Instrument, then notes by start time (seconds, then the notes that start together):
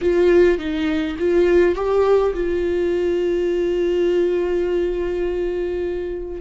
viola
0.01 F4
0.58 D#4
1.18 F4
1.75 G4
2.34 F4